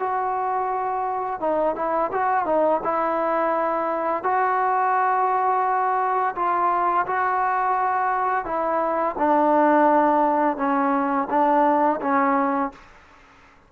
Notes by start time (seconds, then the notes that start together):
0.00 F#4
1.41 D#4
1.76 E4
2.12 F#4
2.46 D#4
2.84 E4
4.24 F#4
6.36 F4
7.07 F#4
8.45 E4
9.18 D4
10.58 C#4
11.30 D4
12.02 C#4